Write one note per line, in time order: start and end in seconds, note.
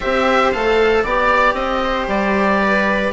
0.00 0.54 C4
0.00 0.53 G4
0.00 1.02 C5
0.00 0.51 E5
0.51 1.05 A3
0.51 1.06 A4
0.51 1.03 F5
1.02 1.53 B3
1.02 3.12 G4
1.02 1.81 D5
1.02 1.54 D5
1.53 2.06 C4
1.53 2.06 D#5
1.83 2.61 C5
2.07 3.12 G3
2.07 3.12 D5
2.61 3.12 B4